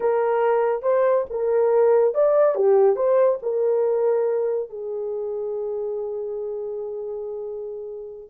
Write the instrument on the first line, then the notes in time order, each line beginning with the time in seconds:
horn
0.00 A#4
0.82 C5
1.29 A#4
2.14 D5
2.55 G4
2.96 C5
3.42 A#4
4.69 G#4